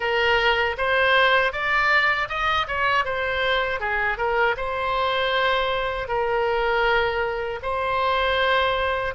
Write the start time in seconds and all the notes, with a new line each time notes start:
0.00 A#4
0.77 C5
1.52 D5
2.29 D#5
2.67 C#5
3.04 C5
3.80 G#4
4.17 A#4
4.56 C5
6.08 A#4
7.62 C5